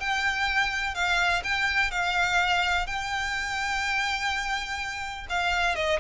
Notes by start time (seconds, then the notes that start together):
0.00 G5
0.94 F5
1.44 G5
1.91 F5
2.87 G5
5.29 F5
5.75 D#5